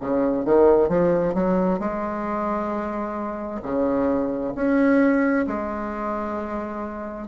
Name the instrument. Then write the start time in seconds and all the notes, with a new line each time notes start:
bassoon
0.00 C#3
0.45 D#3
0.88 F3
1.34 F#3
1.79 G#3
3.62 C#3
4.55 C#4
5.47 G#3